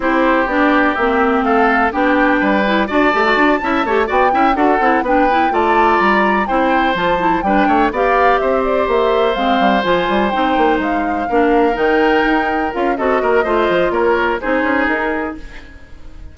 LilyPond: <<
  \new Staff \with { instrumentName = "flute" } { \time 4/4 \tempo 4 = 125 c''4 d''4 e''4 f''4 | g''2 a''2~ | a''8 g''4 fis''4 g''4 a''8~ | a''8 ais''4 g''4 a''4 g''8~ |
g''8 f''4 e''8 d''8 e''4 f''8~ | f''8 gis''4 g''4 f''4.~ | f''8 g''2 f''8 dis''4~ | dis''4 cis''4 c''4 ais'4 | }
  \new Staff \with { instrumentName = "oboe" } { \time 4/4 g'2. a'4 | g'4 b'4 d''4. e''8 | cis''8 d''8 e''8 a'4 b'4 d''8~ | d''4. c''2 b'8 |
cis''8 d''4 c''2~ c''8~ | c''2.~ c''8 ais'8~ | ais'2. a'8 ais'8 | c''4 ais'4 gis'2 | }
  \new Staff \with { instrumentName = "clarinet" } { \time 4/4 e'4 d'4 c'2 | d'4. e'8 fis'8 g'16 fis'8. e'8 | g'8 fis'8 e'8 fis'8 e'8 d'8 e'8 f'8~ | f'4. e'4 f'8 e'8 d'8~ |
d'8 g'2. c'8~ | c'8 f'4 dis'2 d'8~ | d'8 dis'2 f'8 fis'4 | f'2 dis'2 | }
  \new Staff \with { instrumentName = "bassoon" } { \time 4/4 c'4 b4 ais4 a4 | b4 g4 d'8 a8 d'8 cis'8 | a8 b8 cis'8 d'8 c'8 b4 a8~ | a8 g4 c'4 f4 g8 |
a8 b4 c'4 ais4 gis8 | g8 f8 g8 c'8 ais8 gis4 ais8~ | ais8 dis4 dis'4 cis'8 c'8 ais8 | a8 f8 ais4 c'8 cis'8 dis'4 | }
>>